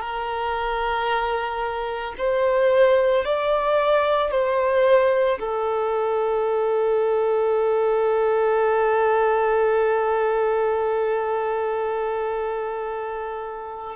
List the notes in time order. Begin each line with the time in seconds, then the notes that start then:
0.00 A#4
2.18 C5
3.25 D5
4.31 C5
5.40 A4